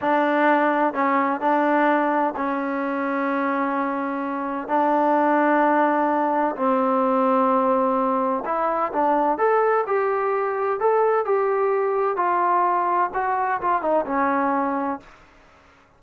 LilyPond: \new Staff \with { instrumentName = "trombone" } { \time 4/4 \tempo 4 = 128 d'2 cis'4 d'4~ | d'4 cis'2.~ | cis'2 d'2~ | d'2 c'2~ |
c'2 e'4 d'4 | a'4 g'2 a'4 | g'2 f'2 | fis'4 f'8 dis'8 cis'2 | }